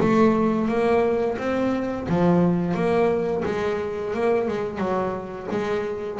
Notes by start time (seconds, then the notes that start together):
0.00 A3
0.68 A#3
1.38 C4
2.09 F3
2.74 A#3
3.45 G#3
4.14 A#3
4.48 G#3
4.78 F#3
5.51 G#3